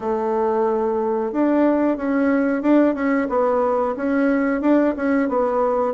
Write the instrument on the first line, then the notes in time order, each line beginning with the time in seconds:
bassoon
0.00 A3
1.32 D4
1.97 C#4
2.62 D4
2.94 C#4
3.29 B3
3.96 C#4
4.61 D4
4.96 C#4
5.28 B3